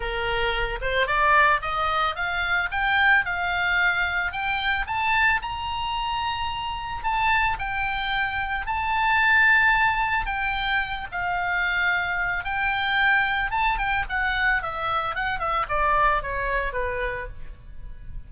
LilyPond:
\new Staff \with { instrumentName = "oboe" } { \time 4/4 \tempo 4 = 111 ais'4. c''8 d''4 dis''4 | f''4 g''4 f''2 | g''4 a''4 ais''2~ | ais''4 a''4 g''2 |
a''2. g''4~ | g''8 f''2~ f''8 g''4~ | g''4 a''8 g''8 fis''4 e''4 | fis''8 e''8 d''4 cis''4 b'4 | }